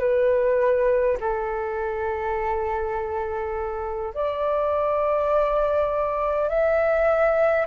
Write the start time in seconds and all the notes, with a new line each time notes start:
0.00 B4
1.21 A4
4.14 D5
6.49 E5